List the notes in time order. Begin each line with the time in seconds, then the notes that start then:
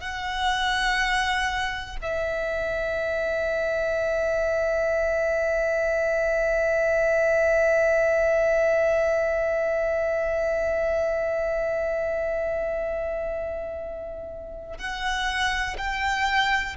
0.00 F#5
2.02 E5
14.78 F#5
15.77 G5